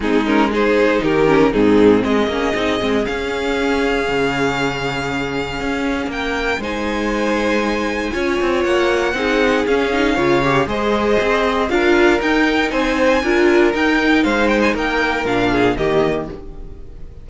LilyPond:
<<
  \new Staff \with { instrumentName = "violin" } { \time 4/4 \tempo 4 = 118 gis'8 ais'8 c''4 ais'4 gis'4 | dis''2 f''2~ | f''1 | g''4 gis''2.~ |
gis''4 fis''2 f''4~ | f''4 dis''2 f''4 | g''4 gis''2 g''4 | f''8 g''16 gis''16 g''4 f''4 dis''4 | }
  \new Staff \with { instrumentName = "violin" } { \time 4/4 dis'4 gis'4 g'4 dis'4 | gis'1~ | gis'1 | ais'4 c''2. |
cis''2 gis'2 | cis''4 c''2 ais'4~ | ais'4 c''4 ais'2 | c''4 ais'4. gis'8 g'4 | }
  \new Staff \with { instrumentName = "viola" } { \time 4/4 c'8 cis'8 dis'4. cis'8 c'4~ | c'8 cis'8 dis'8 c'8 cis'2~ | cis'1~ | cis'4 dis'2. |
f'2 dis'4 cis'8 dis'8 | f'8 g'8 gis'2 f'4 | dis'2 f'4 dis'4~ | dis'2 d'4 ais4 | }
  \new Staff \with { instrumentName = "cello" } { \time 4/4 gis2 dis4 gis,4 | gis8 ais8 c'8 gis8 cis'2 | cis2. cis'4 | ais4 gis2. |
cis'8 c'8 ais4 c'4 cis'4 | cis4 gis4 c'4 d'4 | dis'4 c'4 d'4 dis'4 | gis4 ais4 ais,4 dis4 | }
>>